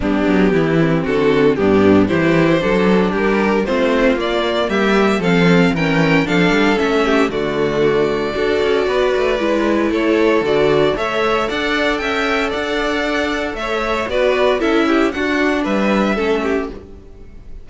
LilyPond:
<<
  \new Staff \with { instrumentName = "violin" } { \time 4/4 \tempo 4 = 115 g'2 a'4 g'4 | c''2 ais'4 c''4 | d''4 e''4 f''4 g''4 | f''4 e''4 d''2~ |
d''2. cis''4 | d''4 e''4 fis''4 g''4 | fis''2 e''4 d''4 | e''4 fis''4 e''2 | }
  \new Staff \with { instrumentName = "violin" } { \time 4/4 d'4 e'4 fis'4 d'4 | g'4 a'4 g'4 f'4~ | f'4 g'4 a'4 ais'4 | a'4. g'8 fis'2 |
a'4 b'2 a'4~ | a'4 cis''4 d''4 e''4 | d''2 cis''4 b'4 | a'8 g'8 fis'4 b'4 a'8 g'8 | }
  \new Staff \with { instrumentName = "viola" } { \time 4/4 b4. c'4. b4 | e'4 d'2 c'4 | ais2 c'4 cis'4 | d'4 cis'4 a2 |
fis'2 e'2 | fis'4 a'2.~ | a'2. fis'4 | e'4 d'2 cis'4 | }
  \new Staff \with { instrumentName = "cello" } { \time 4/4 g8 fis8 e4 d4 g,4 | e4 fis4 g4 a4 | ais4 g4 f4 e4 | f8 g8 a4 d2 |
d'8 cis'8 b8 a8 gis4 a4 | d4 a4 d'4 cis'4 | d'2 a4 b4 | cis'4 d'4 g4 a4 | }
>>